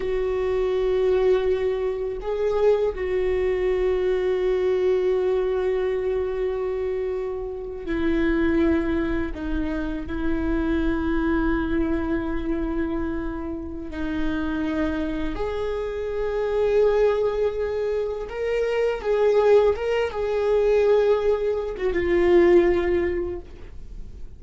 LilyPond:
\new Staff \with { instrumentName = "viola" } { \time 4/4 \tempo 4 = 82 fis'2. gis'4 | fis'1~ | fis'2~ fis'8. e'4~ e'16~ | e'8. dis'4 e'2~ e'16~ |
e'2. dis'4~ | dis'4 gis'2.~ | gis'4 ais'4 gis'4 ais'8 gis'8~ | gis'4.~ gis'16 fis'16 f'2 | }